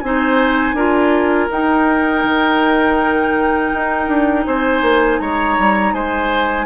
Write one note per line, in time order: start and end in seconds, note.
0.00 0.73 C4
0.00 0.76 D#4
0.00 0.76 C5
0.00 1.48 G#5
0.73 1.47 D4
0.73 1.50 F4
0.73 4.46 A#4
1.51 2.23 D#4
1.51 6.66 D#4
1.51 4.46 G5
2.23 3.71 D#3
3.73 4.08 D#4
4.08 4.45 D4
4.46 4.82 C4
4.46 5.21 C5
4.46 5.19 G#5
4.82 5.19 A#3
5.19 5.57 G#3
5.19 5.94 C#5
5.19 5.94 A#5
5.58 5.93 G3
5.93 6.66 G#3
5.93 6.66 C5
5.93 6.66 G#5